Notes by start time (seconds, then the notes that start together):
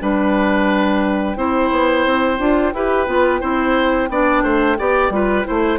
0.00 G3 D4 B4 G5
1.36 C4 E4 C5
1.71 B3
2.06 C4
2.39 D4 F4
2.74 E4 G4 B4
3.07 B3 F4
3.41 C4 E4 C5
4.09 B3 D4 D5
4.43 A3 C5
4.78 B3 G4 D5
5.10 G3 F4 B4
5.44 A3 E4 C5